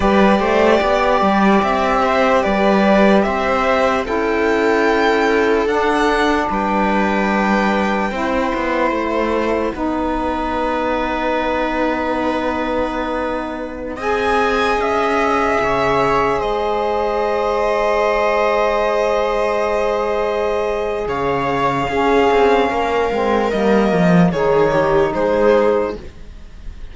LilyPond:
<<
  \new Staff \with { instrumentName = "violin" } { \time 4/4 \tempo 4 = 74 d''2 e''4 d''4 | e''4 g''2 fis''4 | g''2. fis''4~ | fis''1~ |
fis''4~ fis''16 gis''4 e''4.~ e''16~ | e''16 dis''2.~ dis''8.~ | dis''2 f''2~ | f''4 dis''4 cis''4 c''4 | }
  \new Staff \with { instrumentName = "viola" } { \time 4/4 b'8 c''8 d''4. c''8 b'4 | c''4 a'2. | b'2 c''2 | b'1~ |
b'4~ b'16 dis''2 cis''8.~ | cis''16 c''2.~ c''8.~ | c''2 cis''4 gis'4 | ais'2 gis'8 g'8 gis'4 | }
  \new Staff \with { instrumentName = "saxophone" } { \time 4/4 g'1~ | g'4 e'2 d'4~ | d'2 e'2 | dis'1~ |
dis'4~ dis'16 gis'2~ gis'8.~ | gis'1~ | gis'2. cis'4~ | cis'8 c'8 ais4 dis'2 | }
  \new Staff \with { instrumentName = "cello" } { \time 4/4 g8 a8 b8 g8 c'4 g4 | c'4 cis'2 d'4 | g2 c'8 b8 a4 | b1~ |
b4~ b16 c'4 cis'4 cis8.~ | cis16 gis2.~ gis8.~ | gis2 cis4 cis'8 c'8 | ais8 gis8 g8 f8 dis4 gis4 | }
>>